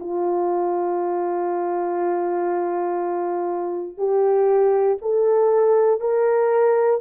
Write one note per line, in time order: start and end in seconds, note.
0.00 3.97 F4
3.97 4.97 G4
5.01 6.00 A4
6.00 7.00 A#4